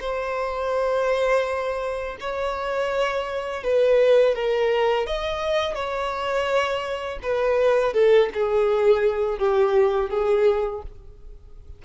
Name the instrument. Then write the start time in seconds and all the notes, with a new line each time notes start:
violin
0.00 C5
2.20 C#5
3.63 B4
4.35 A#4
5.06 D#5
5.74 C#5
7.22 B4
7.93 A4
8.33 G#4
9.38 G4
10.09 G#4